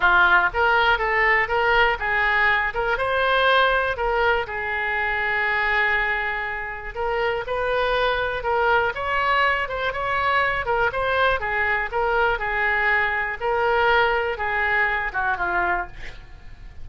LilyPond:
\new Staff \with { instrumentName = "oboe" } { \time 4/4 \tempo 4 = 121 f'4 ais'4 a'4 ais'4 | gis'4. ais'8 c''2 | ais'4 gis'2.~ | gis'2 ais'4 b'4~ |
b'4 ais'4 cis''4. c''8 | cis''4. ais'8 c''4 gis'4 | ais'4 gis'2 ais'4~ | ais'4 gis'4. fis'8 f'4 | }